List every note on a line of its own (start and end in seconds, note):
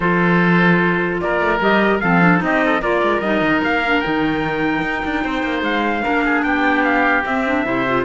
0.00 1.20 F3
0.00 1.59 F4
0.00 1.21 A4
0.00 1.19 C5
1.20 1.40 A#3
1.20 2.02 A#4
1.20 1.60 D5
1.40 1.60 A3
1.60 2.01 G3
1.60 2.00 G4
1.60 1.99 D#5
1.99 2.42 F3
1.99 2.21 C4
1.99 2.43 A4
1.99 2.40 F5
2.21 2.37 D4
2.37 2.81 C4
2.37 2.77 D#4
2.37 2.82 D#5
2.44 2.64 G4
2.64 2.81 A4
2.81 3.02 A#3
2.81 3.22 F4
2.81 5.22 A#4
2.81 3.20 D5
3.02 3.22 G#3
3.20 3.41 G3
3.20 3.82 D#4
3.20 3.60 D#5
3.41 3.61 D#3
3.64 4.04 A#3
3.64 4.01 F5
3.85 4.03 D4
4.01 4.81 D#3
4.01 6.02 D#4
4.01 5.62 G5
4.81 5.01 D#4
5.04 5.24 D4
5.24 5.43 C4
5.24 6.03 C5
5.43 5.62 A#3
5.62 6.02 G#3
5.62 6.43 F5
6.02 6.43 A#3
6.02 7.23 D4
6.02 6.23 A#4
6.24 6.45 G#4
6.43 7.24 B3
6.43 7.66 G4
6.43 6.83 G5
6.84 7.24 F5
7.25 7.65 C4
7.25 7.46 C4
7.25 8.04 E5
7.46 7.64 D4
7.64 8.04 C3
7.64 7.85 E4
7.64 8.04 C5
7.87 8.04 F4